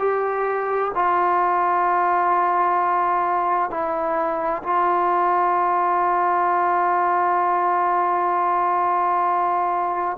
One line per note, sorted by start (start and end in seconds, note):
0.00 0.92 G4
0.95 3.71 F4
3.71 4.63 E4
4.64 10.18 F4